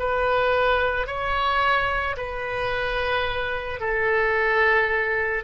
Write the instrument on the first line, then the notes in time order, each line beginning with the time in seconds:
oboe
0.00 B4
1.07 C#5
2.17 B4
3.80 A4